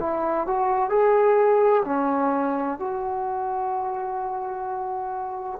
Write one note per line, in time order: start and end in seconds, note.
0.00 0.47 E4
0.47 0.89 F#4
0.89 1.83 G#4
1.85 2.79 C#4
2.79 5.60 F#4